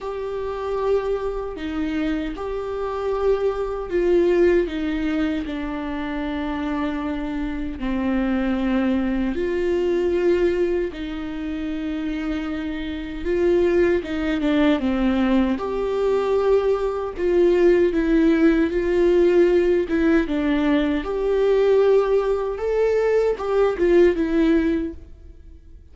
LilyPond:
\new Staff \with { instrumentName = "viola" } { \time 4/4 \tempo 4 = 77 g'2 dis'4 g'4~ | g'4 f'4 dis'4 d'4~ | d'2 c'2 | f'2 dis'2~ |
dis'4 f'4 dis'8 d'8 c'4 | g'2 f'4 e'4 | f'4. e'8 d'4 g'4~ | g'4 a'4 g'8 f'8 e'4 | }